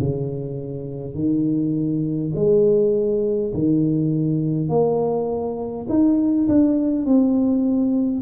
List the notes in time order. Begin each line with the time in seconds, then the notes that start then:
0.00 C#3
1.15 D#3
2.36 G#3
3.54 D#3
4.70 A#3
5.89 D#4
6.49 D4
7.06 C4